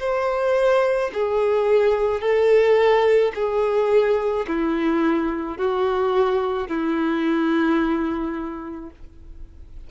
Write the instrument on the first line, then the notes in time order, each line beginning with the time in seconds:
violin
0.00 C5
1.14 G#4
2.21 A4
3.35 G#4
4.48 E4
5.58 F#4
6.69 E4